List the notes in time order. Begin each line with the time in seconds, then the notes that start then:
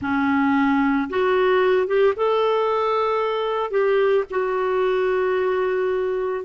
0.01 C#4
1.09 F#4
1.87 G4
2.16 A4
3.71 G4
4.30 F#4